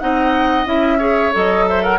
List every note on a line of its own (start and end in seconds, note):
0.00 0.66 C4
0.00 0.66 D#4
0.00 0.98 D#5
0.00 0.67 F#5
0.66 1.32 C#4
0.66 0.99 E4
0.66 1.34 E5
0.98 1.33 G#4
0.98 1.65 C#5
1.33 1.99 F#3
1.33 1.99 A4
1.33 1.68 D#5
1.68 1.83 C5
1.68 1.85 E5
1.83 1.99 A#4
1.83 1.99 F#5